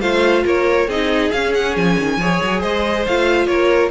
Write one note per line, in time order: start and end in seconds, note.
0.00 0.44 A3
0.00 0.88 F4
0.00 0.43 C5
0.00 0.44 F5
0.44 0.87 A#3
0.44 0.87 A#4
0.44 0.90 C#5
0.87 1.30 C4
0.87 1.33 D#4
0.87 2.18 G#4
0.87 1.31 D#5
1.31 1.75 C#4
1.31 2.20 C#4
1.31 1.53 F5
1.54 1.76 F#5
1.75 1.97 F3
1.75 2.62 G#5
1.98 2.17 D#3
2.17 2.39 F3
2.17 3.07 G#4
2.17 2.60 C#5
2.42 2.63 F#3
2.60 3.06 G#3
2.60 3.47 C5
2.60 3.05 D#5
3.06 3.46 A3
3.06 3.90 F4
3.06 3.46 F5
3.46 3.90 A#3
3.46 3.90 A#4
3.46 3.90 C#5